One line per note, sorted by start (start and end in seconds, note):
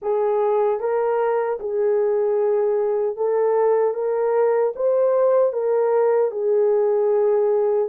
0.02 0.80 G#4
0.80 1.59 A#4
1.59 3.16 G#4
3.16 3.94 A4
3.94 4.73 A#4
4.75 5.53 C5
5.53 6.31 A#4
6.31 7.88 G#4